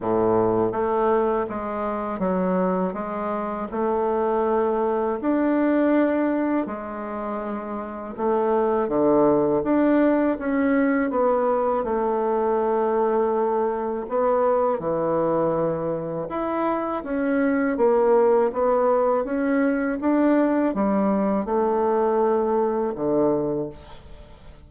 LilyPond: \new Staff \with { instrumentName = "bassoon" } { \time 4/4 \tempo 4 = 81 a,4 a4 gis4 fis4 | gis4 a2 d'4~ | d'4 gis2 a4 | d4 d'4 cis'4 b4 |
a2. b4 | e2 e'4 cis'4 | ais4 b4 cis'4 d'4 | g4 a2 d4 | }